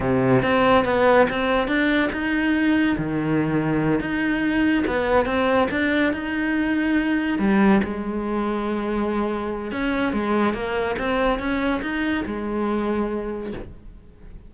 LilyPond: \new Staff \with { instrumentName = "cello" } { \time 4/4 \tempo 4 = 142 c4 c'4 b4 c'4 | d'4 dis'2 dis4~ | dis4. dis'2 b8~ | b8 c'4 d'4 dis'4.~ |
dis'4. g4 gis4.~ | gis2. cis'4 | gis4 ais4 c'4 cis'4 | dis'4 gis2. | }